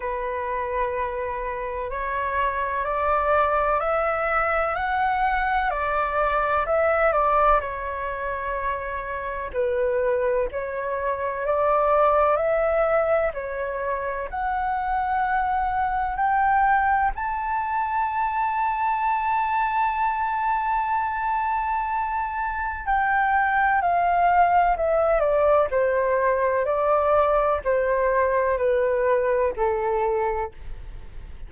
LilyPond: \new Staff \with { instrumentName = "flute" } { \time 4/4 \tempo 4 = 63 b'2 cis''4 d''4 | e''4 fis''4 d''4 e''8 d''8 | cis''2 b'4 cis''4 | d''4 e''4 cis''4 fis''4~ |
fis''4 g''4 a''2~ | a''1 | g''4 f''4 e''8 d''8 c''4 | d''4 c''4 b'4 a'4 | }